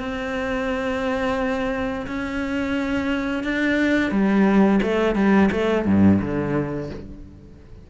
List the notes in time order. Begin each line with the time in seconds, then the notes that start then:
0.00 C4
2.07 C#4
3.44 D4
4.12 G3
4.83 A3
5.15 G3
5.52 A3
5.86 G2
6.21 D3